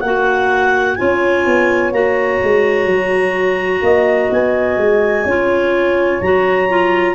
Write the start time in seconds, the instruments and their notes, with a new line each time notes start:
0.00 tuba A#3, clarinet F#4 F#5
0.06 horn A#4
0.95 tuba C#4, clarinet F4 G#5, horn C#5
1.45 tuba B3
1.92 tuba A#3, clarinet F#4 A#5
2.42 tuba G#3
2.85 tuba F#3
3.81 tuba A#3, horn D#5
4.30 tuba B3, clarinet G#5
4.77 tuba G#3
5.23 tuba C#4, clarinet F4, horn C#5
6.21 tuba F#3, clarinet F#4 A#5
6.69 clarinet F4